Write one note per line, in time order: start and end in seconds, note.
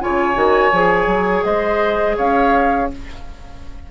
0.00 0.36 C#3
0.00 0.34 F4
0.00 1.46 C#5
0.00 1.44 G#5
0.34 0.72 D#3
0.34 0.70 F#4
0.72 1.06 F3
0.72 2.91 G#4
1.06 1.42 F#3
1.44 2.17 G#3
1.44 2.17 C5
1.44 2.17 D#5
2.17 2.91 C#4
2.17 2.89 C#5
2.17 2.90 F5